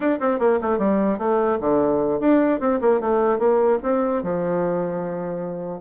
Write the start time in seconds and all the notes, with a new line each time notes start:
0.00 D4
0.19 C4
0.39 A#3
0.61 A3
0.78 G3
1.18 A3
1.60 D3
2.19 D4
2.60 C4
2.81 A#3
3.00 A3
3.39 A#3
3.82 C4
4.22 F3